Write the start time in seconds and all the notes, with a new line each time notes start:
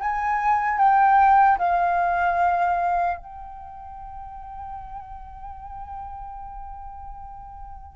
0.00 G#5
0.78 G5
1.59 F5
3.18 G5